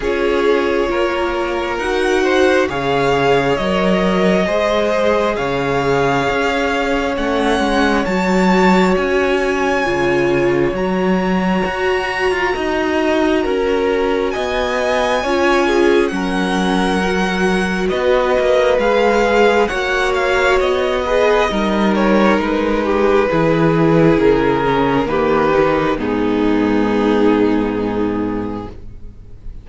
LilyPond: <<
  \new Staff \with { instrumentName = "violin" } { \time 4/4 \tempo 4 = 67 cis''2 fis''4 f''4 | dis''2 f''2 | fis''4 a''4 gis''2 | ais''1 |
gis''2 fis''2 | dis''4 f''4 fis''8 f''8 dis''4~ | dis''8 cis''8 b'2 ais'4 | b'4 gis'2. | }
  \new Staff \with { instrumentName = "violin" } { \time 4/4 gis'4 ais'4. c''8 cis''4~ | cis''4 c''4 cis''2~ | cis''1~ | cis''2 dis''4 ais'4 |
dis''4 cis''8 gis'8 ais'2 | b'2 cis''4. b'8 | ais'4. g'8 gis'2 | g'4 dis'2. | }
  \new Staff \with { instrumentName = "viola" } { \time 4/4 f'2 fis'4 gis'4 | ais'4 gis'2. | cis'4 fis'2 f'4 | fis'1~ |
fis'4 f'4 cis'4 fis'4~ | fis'4 gis'4 fis'4. gis'8 | dis'2 e'4. cis'8 | ais8 dis'8 b2. | }
  \new Staff \with { instrumentName = "cello" } { \time 4/4 cis'4 ais4 dis'4 cis4 | fis4 gis4 cis4 cis'4 | a8 gis8 fis4 cis'4 cis4 | fis4 fis'8. f'16 dis'4 cis'4 |
b4 cis'4 fis2 | b8 ais8 gis4 ais4 b4 | g4 gis4 e4 cis4 | dis4 gis,2. | }
>>